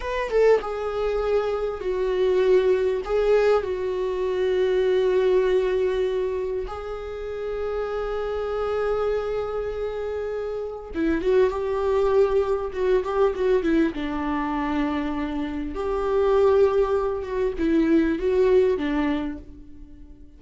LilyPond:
\new Staff \with { instrumentName = "viola" } { \time 4/4 \tempo 4 = 99 b'8 a'8 gis'2 fis'4~ | fis'4 gis'4 fis'2~ | fis'2. gis'4~ | gis'1~ |
gis'2 e'8 fis'8 g'4~ | g'4 fis'8 g'8 fis'8 e'8 d'4~ | d'2 g'2~ | g'8 fis'8 e'4 fis'4 d'4 | }